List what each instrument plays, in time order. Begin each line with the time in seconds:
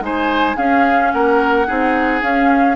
0.00 bassoon G#3, clarinet D#4, oboe C5, flute G#5
0.57 clarinet C#4, bassoon C#4, oboe G#4, flute F5
1.12 bassoon A#3, oboe A#4, flute F#5
1.67 bassoon C4, clarinet D#4, oboe G#4
2.22 clarinet C#4, bassoon C#4, flute F5